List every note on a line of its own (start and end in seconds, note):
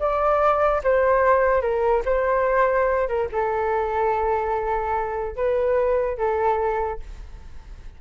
0.00 0.82 D5
0.84 1.62 C5
1.62 2.03 A#4
2.06 3.08 C5
3.09 3.29 A#4
3.33 5.36 A4
5.36 6.18 B4
6.18 7.00 A4